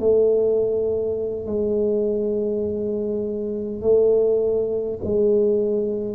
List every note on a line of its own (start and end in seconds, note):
0.00 1.46 A3
1.46 3.81 G#3
3.81 4.99 A3
5.03 6.15 G#3